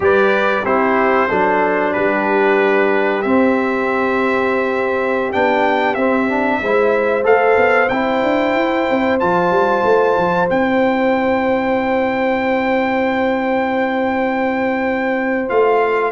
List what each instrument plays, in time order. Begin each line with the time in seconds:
0.00 tuba G3, trombone G4, horn B4, trumpet D5
0.64 tuba C4, trombone E4, horn G4, trumpet C5
1.28 tuba F#3, trombone D4, horn A4
1.93 tuba G3, horn G4, trumpet B4
3.22 trombone C4, tuba C4, trumpet E5
5.32 tuba B3, trombone D4, trumpet G5
5.94 tuba C4, trombone C4, trumpet E5
6.28 trombone D4
6.61 tuba G#3, trombone E4, horn C5
7.23 tuba A3, trombone A4, trumpet F5
7.56 tuba B3
7.88 tuba C4, trombone E4, trumpet G5
8.23 tuba D4
8.54 tuba E4
8.90 tuba C4
9.19 tuba F3, trombone F4, trumpet A5
9.50 tuba G3
9.84 tuba A3
10.17 tuba F3
10.48 tuba C4, trombone E4, trumpet G5
15.48 tuba A3, trombone F4, trumpet F5